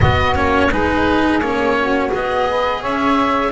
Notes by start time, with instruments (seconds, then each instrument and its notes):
0.00 cello B3, double bass B3, saxophone F#4, oboe D#5
0.34 double bass A#3, cello C#4, oboe C#5
0.71 double bass G#3, cello D#4, saxophone G#4, oboe B4
1.39 double bass A#3, cello C#4, oboe C#5
1.79 saxophone F#4
2.09 double bass B3, cello G#4, oboe D#5
2.49 saxophone B4
2.80 double bass C#4, saxophone C#5, oboe E5